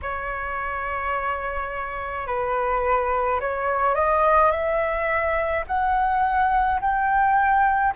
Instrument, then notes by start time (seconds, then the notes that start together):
flute
0.02 C#5
2.26 B4
3.40 C#5
3.95 D#5
4.51 E5
5.67 F#5
6.80 G5